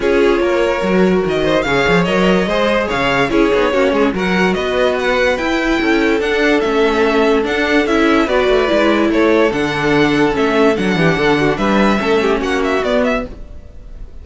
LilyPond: <<
  \new Staff \with { instrumentName = "violin" } { \time 4/4 \tempo 4 = 145 cis''2. dis''4 | f''4 dis''2 f''4 | cis''2 fis''4 dis''4 | fis''4 g''2 fis''4 |
e''2 fis''4 e''4 | d''2 cis''4 fis''4~ | fis''4 e''4 fis''2 | e''2 fis''8 e''8 d''8 e''8 | }
  \new Staff \with { instrumentName = "violin" } { \time 4/4 gis'4 ais'2~ ais'8 c''8 | cis''2 c''4 cis''4 | gis'4 fis'8 gis'8 ais'4 b'4~ | b'2 a'2~ |
a'1 | b'2 a'2~ | a'2~ a'8 g'8 a'8 fis'8 | b'4 a'8 g'8 fis'2 | }
  \new Staff \with { instrumentName = "viola" } { \time 4/4 f'2 fis'2 | gis'4 ais'4 gis'2 | e'8 dis'8 cis'4 fis'2~ | fis'4 e'2 d'4 |
cis'2 d'4 e'4 | fis'4 e'2 d'4~ | d'4 cis'4 d'2~ | d'4 cis'2 b4 | }
  \new Staff \with { instrumentName = "cello" } { \time 4/4 cis'4 ais4 fis4 dis4 | cis8 f8 fis4 gis4 cis4 | cis'8 b8 ais8 gis8 fis4 b4~ | b4 e'4 cis'4 d'4 |
a2 d'4 cis'4 | b8 a8 gis4 a4 d4~ | d4 a4 fis8 e8 d4 | g4 a4 ais4 b4 | }
>>